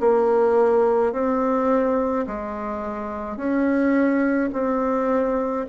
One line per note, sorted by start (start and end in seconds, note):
0.00 1.13 A#3
1.13 2.26 C4
2.27 3.37 G#3
3.37 4.50 C#4
4.53 5.66 C4